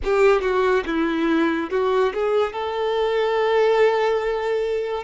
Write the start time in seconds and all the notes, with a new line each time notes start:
0.03 G4
0.41 F#4
0.86 E4
1.70 F#4
2.14 G#4
2.52 A4